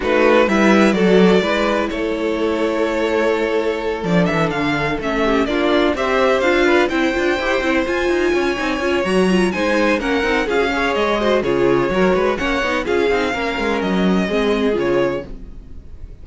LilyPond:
<<
  \new Staff \with { instrumentName = "violin" } { \time 4/4 \tempo 4 = 126 b'4 e''4 d''2 | cis''1~ | cis''8 d''8 e''8 f''4 e''4 d''8~ | d''8 e''4 f''4 g''4.~ |
g''8 gis''2~ gis''8 ais''4 | gis''4 fis''4 f''4 dis''4 | cis''2 fis''4 f''4~ | f''4 dis''2 cis''4 | }
  \new Staff \with { instrumentName = "violin" } { \time 4/4 fis'4 b'4 a'4 b'4 | a'1~ | a'2. g'8 f'8~ | f'8 c''4. b'8 c''4.~ |
c''4. cis''2~ cis''8 | c''4 ais'4 gis'8 cis''4 c''8 | gis'4 ais'8 b'8 cis''4 gis'4 | ais'2 gis'2 | }
  \new Staff \with { instrumentName = "viola" } { \time 4/4 dis'4 e'4 fis'4 e'4~ | e'1~ | e'8 d'2 cis'4 d'8~ | d'8 g'4 f'4 e'8 f'8 g'8 |
e'8 f'4. dis'8 f'8 fis'8 f'8 | dis'4 cis'8 dis'8 f'16 fis'16 gis'4 fis'8 | f'4 fis'4 cis'8 dis'8 f'8 dis'8 | cis'2 c'4 f'4 | }
  \new Staff \with { instrumentName = "cello" } { \time 4/4 a4 g4 fis4 gis4 | a1~ | a8 f8 e8 d4 a4 ais8~ | ais8 c'4 d'4 c'8 d'8 e'8 |
c'8 f'8 dis'8 cis'8 c'8 cis'8 fis4 | gis4 ais8 c'8 cis'4 gis4 | cis4 fis8 gis8 ais8 b8 cis'8 c'8 | ais8 gis8 fis4 gis4 cis4 | }
>>